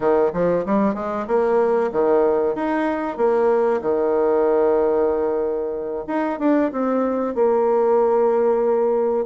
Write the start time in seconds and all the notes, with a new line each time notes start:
0.00 D#3
0.33 F3
0.65 G3
0.94 G#3
1.27 A#3
1.92 D#3
2.55 D#4
3.17 A#3
3.81 D#3
6.07 D#4
6.39 D4
6.72 C4
7.34 A#3